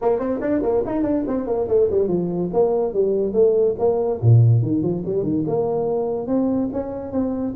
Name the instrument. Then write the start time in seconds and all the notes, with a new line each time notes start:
tuba
0.01 A#3
0.19 C4
0.41 D4
0.62 A#3
0.86 D#4
1.03 D4
1.27 C4
1.46 A#3
1.68 A3
1.90 G3
2.08 F3
2.53 A#3
2.93 G3
3.33 A3
3.79 A#3
4.21 A#2
4.62 D#3
4.82 F3
5.05 G3
5.23 D#3
5.47 A#3
6.27 C4
6.72 C#4
7.12 C4